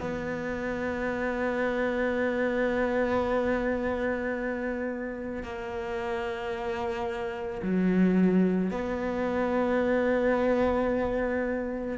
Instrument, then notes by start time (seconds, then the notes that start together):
cello
0.00 B3
5.43 A#3
7.62 F#3
8.71 B3